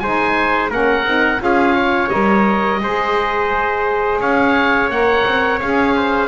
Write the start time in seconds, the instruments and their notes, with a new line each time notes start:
0.00 double bass G#3, saxophone D#4, trumpet C5, oboe G#5
0.70 double bass A#3, saxophone C#4, trumpet A#4, oboe F#5
1.05 double bass C4, saxophone D#4
1.39 double bass C#4, saxophone F4, trumpet G#4, oboe F5
1.75 trumpet C#5
2.10 double bass G3, saxophone A#4, oboe D#5
2.81 double bass G#3, saxophone G#4, trumpet C5
4.21 double bass C#4, trumpet C#5, oboe F5
4.90 double bass A#3, saxophone A#4, oboe F#5
5.26 double bass C4
5.61 double bass C#4, saxophone G#4, oboe F5
5.96 trumpet C5